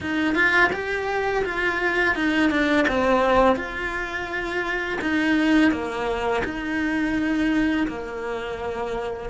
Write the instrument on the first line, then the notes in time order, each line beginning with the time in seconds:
cello
0.01 D#4
0.34 F4
0.72 G4
1.44 F4
2.15 D#4
2.50 D4
2.88 C4
3.56 F4
5.01 D#4
5.71 A#3
6.44 D#4
7.87 A#3